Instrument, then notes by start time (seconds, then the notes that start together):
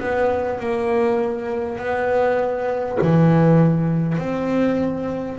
double bass
0.00 B3
0.60 A#3
1.79 B3
3.02 E3
4.18 C4